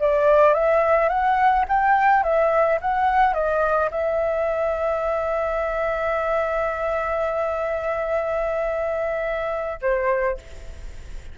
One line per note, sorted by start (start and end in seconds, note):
0.00 0.55 D5
0.55 1.09 E5
1.09 1.65 F#5
1.69 2.24 G5
2.24 2.80 E5
2.82 3.34 F#5
3.34 3.90 D#5
3.91 9.80 E5
9.82 10.38 C5